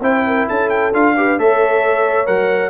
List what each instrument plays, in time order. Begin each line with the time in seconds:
0.00 tuba C4, trombone E4, horn C5, trumpet G5
0.26 horn A#4
0.47 tuba C#4, horn A4, trumpet A5
0.69 trumpet G5
0.93 tuba D4, trombone F4, trumpet F5
1.16 trombone G4, horn B4
1.38 tuba A3, trombone A4, horn C#5, trumpet E5
2.25 tuba F#3, trombone A#4, trumpet F#5